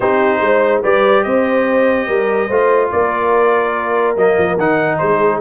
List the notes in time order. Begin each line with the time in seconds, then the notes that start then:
0.00 C4 D#4 G4 C5
0.40 G#3 C5
0.82 G3 G4 B4 D5
1.23 C4 C5 D#5
2.06 G3 A#4
2.47 A3 F4 C5
2.91 A#3 A#4 D5
4.16 F#3 A#3 D#5
4.38 F3
4.57 D#3 D#4 F#5
4.98 G#3 G#4 C5